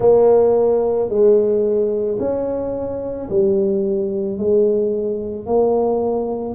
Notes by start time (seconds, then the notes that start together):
0.00 A#3
1.09 G#3
2.19 C#4
3.29 G3
4.38 G#3
5.45 A#3